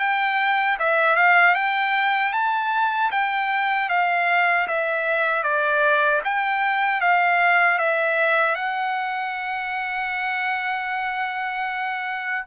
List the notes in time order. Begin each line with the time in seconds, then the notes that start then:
0.00 G5
0.80 E5
1.16 F5
1.55 G5
2.33 A5
3.12 G5
3.90 F5
4.68 E5
5.44 D5
6.25 G5
7.01 F5
7.79 E5
8.55 F#5